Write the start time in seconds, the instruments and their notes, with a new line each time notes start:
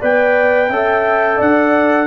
0.00 tuba B3, trombone B4, horn D5, trumpet G5
0.70 tuba C#4, trombone A4, horn E5
1.37 tuba D4, horn D5, trumpet F#5